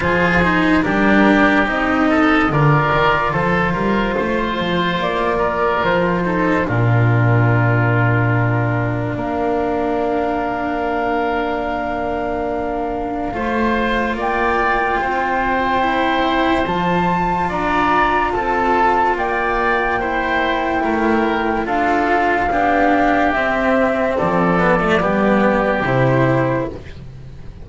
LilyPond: <<
  \new Staff \with { instrumentName = "flute" } { \time 4/4 \tempo 4 = 72 c''4 ais'4 dis''4 d''4 | c''2 d''4 c''4 | ais'2. f''4~ | f''1~ |
f''4 g''2. | a''4 ais''4 a''4 g''4~ | g''2 f''2 | e''4 d''2 c''4 | }
  \new Staff \with { instrumentName = "oboe" } { \time 4/4 gis'4 g'4. a'8 ais'4 | a'8 ais'8 c''4. ais'4 a'8 | f'2. ais'4~ | ais'1 |
c''4 d''4 c''2~ | c''4 d''4 a'4 d''4 | c''4 ais'4 a'4 g'4~ | g'4 a'4 g'2 | }
  \new Staff \with { instrumentName = "cello" } { \time 4/4 f'8 dis'8 d'4 dis'4 f'4~ | f'2.~ f'8 dis'8 | d'1~ | d'1 |
f'2. e'4 | f'1 | e'2 f'4 d'4 | c'4. b16 a16 b4 e'4 | }
  \new Staff \with { instrumentName = "double bass" } { \time 4/4 f4 g4 c'4 d8 dis8 | f8 g8 a8 f8 ais4 f4 | ais,2. ais4~ | ais1 |
a4 ais4 c'2 | f4 d'4 c'4 ais4~ | ais4 a4 d'4 b4 | c'4 f4 g4 c4 | }
>>